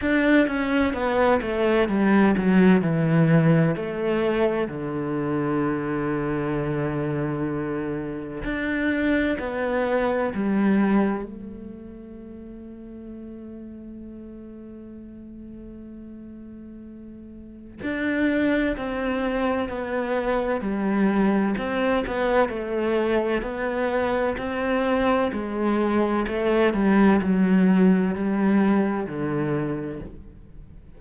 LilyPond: \new Staff \with { instrumentName = "cello" } { \time 4/4 \tempo 4 = 64 d'8 cis'8 b8 a8 g8 fis8 e4 | a4 d2.~ | d4 d'4 b4 g4 | a1~ |
a2. d'4 | c'4 b4 g4 c'8 b8 | a4 b4 c'4 gis4 | a8 g8 fis4 g4 d4 | }